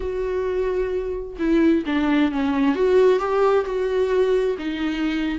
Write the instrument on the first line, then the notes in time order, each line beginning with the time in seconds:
viola
0.00 F#4
1.38 E4
1.85 D4
2.31 C#4
2.75 F#4
3.19 G4
3.65 F#4
4.58 D#4